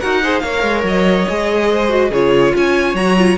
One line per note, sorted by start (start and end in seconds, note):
0.00 0.43 D#4
0.00 0.23 F#4
0.00 0.21 A#4
0.00 0.39 F#5
0.23 0.43 G#4
0.23 0.43 C5
0.39 0.62 A#3
0.39 1.28 A#4
0.39 1.70 C#5
0.39 0.81 F5
0.62 0.83 G#3
0.83 1.26 F#3
0.83 2.13 D#5
1.29 2.10 G#3
1.29 1.89 G#4
1.70 2.10 C5
1.89 2.10 F#4
2.10 2.53 C#3
2.10 2.96 F4
2.10 2.53 G#4
2.10 2.55 C#5
2.56 2.94 C#4
2.56 3.38 C#5
2.56 2.96 G#5
2.94 3.36 F#3
2.94 3.17 F#4
2.94 3.38 A#5
3.18 3.38 F4